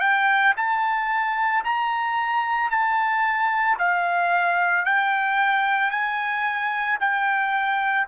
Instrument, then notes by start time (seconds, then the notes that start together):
trumpet
0.00 G5
0.57 A5
1.64 A#5
2.70 A5
3.78 F5
4.85 G5
5.91 G#5
7.00 G5